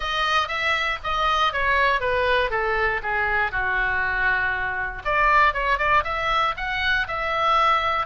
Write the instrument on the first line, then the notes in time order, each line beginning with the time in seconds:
oboe
0.00 D#5
0.48 E5
1.03 D#5
1.52 C#5
2.00 B4
2.50 A4
3.03 G#4
3.51 F#4
5.04 D5
5.53 C#5
5.78 D5
6.04 E5
6.57 F#5
7.07 E5